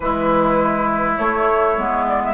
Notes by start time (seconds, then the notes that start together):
0.00 E3 G#3 E4 B4
1.17 A3 C#5
1.77 G#3 B3
2.08 D5
2.24 E5